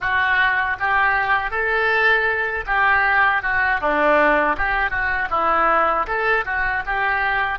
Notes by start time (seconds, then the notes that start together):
0.00 F#4
0.79 G4
1.50 A4
2.66 G4
3.42 F#4
3.80 D4
4.57 G4
4.90 F#4
5.30 E4
6.06 A4
6.45 F#4
6.86 G4